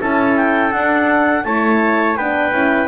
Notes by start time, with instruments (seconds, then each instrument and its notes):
0.00 double bass C#4, horn E4, trumpet A4, clarinet A5
0.36 clarinet G5
0.71 horn D4, double bass D4, clarinet F#5
1.44 double bass A3, horn E4, trumpet C#5, clarinet A5
2.16 double bass B3, horn D4, trumpet B4, clarinet G5
2.51 double bass C#4, horn E4